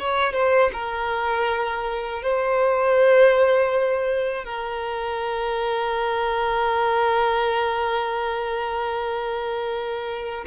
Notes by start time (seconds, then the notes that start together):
0.00 C#5
0.33 C5
0.74 A#4
2.23 C5
4.45 A#4